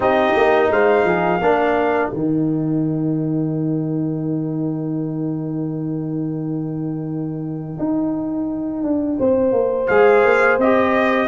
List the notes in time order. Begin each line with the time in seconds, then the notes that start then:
0.00 C4 D#4 G4 D#5
0.36 A#3
0.70 G#3 C5 F5
1.05 F3 G#4
1.41 A#3 D4 A#4
2.11 D#3 D#4 G5
7.78 D#4
8.83 D4
9.18 C4 C5
9.52 A#3
9.86 G#3 G#4 F5
10.24 A#3
10.57 C4 G4 D#5